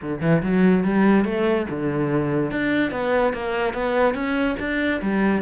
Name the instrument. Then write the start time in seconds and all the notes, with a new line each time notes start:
cello
0.01 D3
0.21 E3
0.42 F#3
0.84 G3
1.24 A3
1.70 D3
2.51 D4
2.91 B3
3.33 A#3
3.73 B3
4.14 C#4
4.59 D4
5.01 G3